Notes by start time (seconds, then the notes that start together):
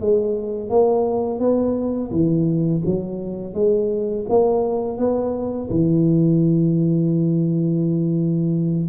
0.00 G#3
0.69 A#3
1.39 B3
2.11 E3
2.85 F#3
3.54 G#3
4.29 A#3
4.97 B3
5.70 E3